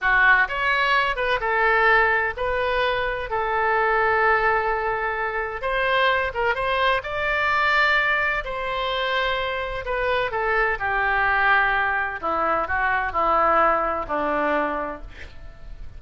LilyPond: \new Staff \with { instrumentName = "oboe" } { \time 4/4 \tempo 4 = 128 fis'4 cis''4. b'8 a'4~ | a'4 b'2 a'4~ | a'1 | c''4. ais'8 c''4 d''4~ |
d''2 c''2~ | c''4 b'4 a'4 g'4~ | g'2 e'4 fis'4 | e'2 d'2 | }